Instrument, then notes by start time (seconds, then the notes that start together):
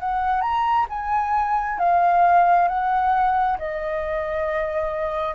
flute
0.00 F#5
0.41 A#5
0.89 G#5
1.79 F5
2.68 F#5
3.58 D#5